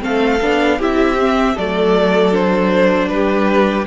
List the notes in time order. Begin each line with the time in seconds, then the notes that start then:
0.00 A3 C4 A4 F5
0.41 B3 D4
0.78 C4 E4 G4 E5
1.18 C4
1.54 F#3 A3 A4 D5
2.32 D4 C5
3.08 G3 G4 B4